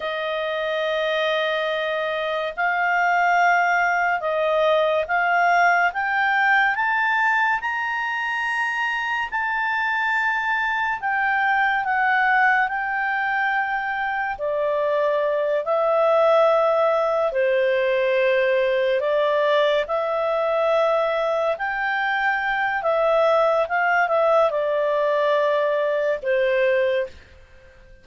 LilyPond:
\new Staff \with { instrumentName = "clarinet" } { \time 4/4 \tempo 4 = 71 dis''2. f''4~ | f''4 dis''4 f''4 g''4 | a''4 ais''2 a''4~ | a''4 g''4 fis''4 g''4~ |
g''4 d''4. e''4.~ | e''8 c''2 d''4 e''8~ | e''4. g''4. e''4 | f''8 e''8 d''2 c''4 | }